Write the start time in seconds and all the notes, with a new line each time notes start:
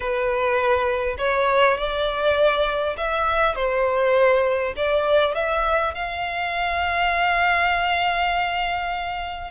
0.00 B4
1.18 C#5
1.77 D5
2.97 E5
3.55 C5
4.76 D5
5.34 E5
5.94 F5